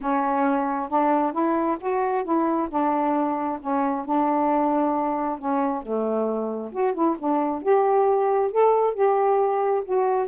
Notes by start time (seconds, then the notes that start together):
0.01 C#4
0.89 D4
1.32 E4
1.80 F#4
2.23 E4
2.69 D4
3.60 C#4
4.05 D4
5.39 C#4
5.82 A3
6.72 F#4
6.94 E4
7.18 D4
7.62 G4
8.51 A4
8.93 G4
9.84 F#4